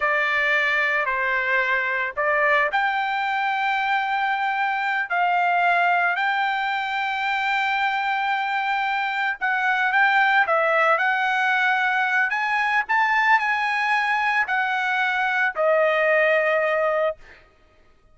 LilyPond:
\new Staff \with { instrumentName = "trumpet" } { \time 4/4 \tempo 4 = 112 d''2 c''2 | d''4 g''2.~ | g''4. f''2 g''8~ | g''1~ |
g''4. fis''4 g''4 e''8~ | e''8 fis''2~ fis''8 gis''4 | a''4 gis''2 fis''4~ | fis''4 dis''2. | }